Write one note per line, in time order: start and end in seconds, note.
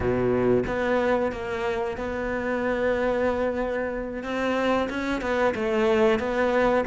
0.00 0.63 B2
0.66 1.32 B3
1.32 1.97 A#3
1.97 4.23 B3
4.23 4.88 C4
4.89 5.21 C#4
5.21 5.53 B3
5.54 6.19 A3
6.19 6.84 B3